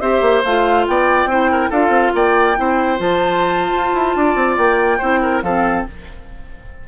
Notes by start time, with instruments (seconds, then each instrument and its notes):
0.00 bassoon C4, clarinet G4, oboe C5, flute E5
0.21 bassoon A#3
0.44 bassoon A3, clarinet F4, flute F5
0.87 bassoon B3, oboe D5, flute G5
1.25 bassoon C4, clarinet E4, oboe C5
1.51 oboe A#4
1.70 bassoon D4, clarinet F4, oboe A4, flute F5
1.89 bassoon C4
2.14 bassoon A#3, oboe D5, flute G5
2.56 bassoon C4, clarinet E4, oboe C5
2.97 bassoon F3, clarinet F4, flute A5
3.72 bassoon F4
3.94 bassoon E4
4.16 bassoon D4, oboe D5
4.35 bassoon C4
4.57 bassoon A#3, flute G5
4.98 bassoon C4, clarinet E4, oboe C5
5.22 oboe A#4
5.42 bassoon F3, clarinet C4, oboe A4, flute F5